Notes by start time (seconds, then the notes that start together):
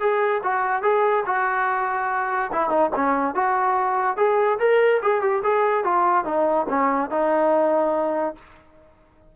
0.00 G#4
0.43 F#4
0.83 G#4
1.26 F#4
2.52 E4
2.70 D#4
2.96 C#4
3.35 F#4
4.17 G#4
4.59 A#4
5.02 G#4
5.22 G4
5.43 G#4
5.84 F4
6.25 D#4
6.69 C#4
7.11 D#4